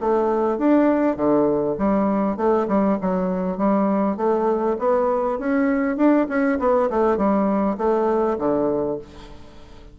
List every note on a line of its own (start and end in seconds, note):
0.00 0.58 A3
0.58 1.16 D4
1.16 1.76 D3
1.78 2.36 G3
2.36 2.66 A3
2.68 2.98 G3
3.01 3.57 F#3
3.57 4.16 G3
4.16 4.76 A3
4.79 5.39 B3
5.39 5.96 C#4
5.96 6.26 D4
6.28 6.58 C#4
6.59 6.89 B3
6.90 7.17 A3
7.17 7.77 G3
7.77 8.37 A3
8.38 8.98 D3